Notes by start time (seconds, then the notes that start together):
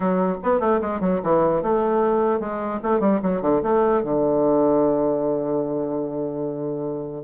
0.00 F#3
0.43 B3
0.59 A3
0.81 G#3
1.00 F#3
1.23 E3
1.62 A3
2.40 G#3
2.82 A3
3.00 G3
3.22 F#3
3.41 D3
3.63 A3
4.03 D3